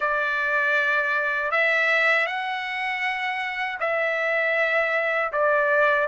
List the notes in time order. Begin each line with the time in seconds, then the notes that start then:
0.00 D5
1.51 E5
2.26 F#5
3.80 E5
5.32 D5